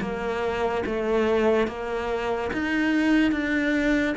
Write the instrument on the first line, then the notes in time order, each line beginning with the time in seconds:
cello
0.00 A#3
0.85 A3
1.67 A#3
2.53 D#4
3.31 D4